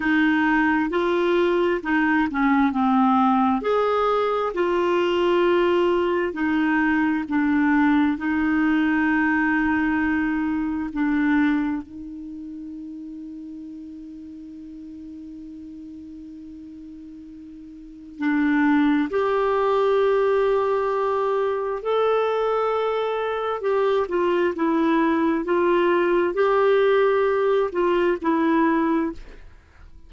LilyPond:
\new Staff \with { instrumentName = "clarinet" } { \time 4/4 \tempo 4 = 66 dis'4 f'4 dis'8 cis'8 c'4 | gis'4 f'2 dis'4 | d'4 dis'2. | d'4 dis'2.~ |
dis'1 | d'4 g'2. | a'2 g'8 f'8 e'4 | f'4 g'4. f'8 e'4 | }